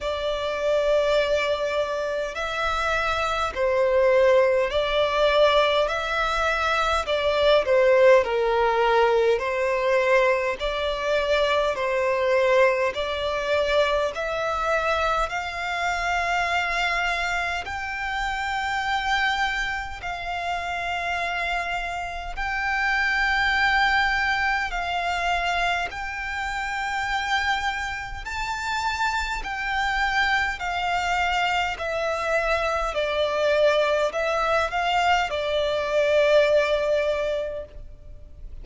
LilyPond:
\new Staff \with { instrumentName = "violin" } { \time 4/4 \tempo 4 = 51 d''2 e''4 c''4 | d''4 e''4 d''8 c''8 ais'4 | c''4 d''4 c''4 d''4 | e''4 f''2 g''4~ |
g''4 f''2 g''4~ | g''4 f''4 g''2 | a''4 g''4 f''4 e''4 | d''4 e''8 f''8 d''2 | }